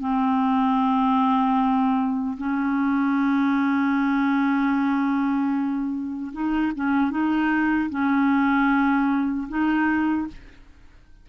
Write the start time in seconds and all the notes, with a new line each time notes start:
0.00 C4
2.38 C#4
6.33 D#4
6.76 C#4
7.11 D#4
7.90 C#4
9.49 D#4